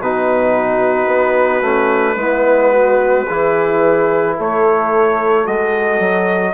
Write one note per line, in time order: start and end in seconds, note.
0.00 1.07 B2
0.00 1.64 D#4
0.00 2.18 F#4
0.00 4.38 B4
1.07 1.61 B3
1.62 2.16 A3
1.62 2.18 C#4
2.16 3.25 G#3
2.16 3.27 B3
2.16 2.72 E4
2.72 3.26 F#4
3.26 4.39 E3
3.26 5.45 E4
3.26 4.35 G#4
4.36 5.47 A3
4.36 6.54 A4
4.36 5.47 C#5
5.45 6.00 G#3
5.45 6.54 F#4
5.45 6.54 D#5
6.00 6.54 F#3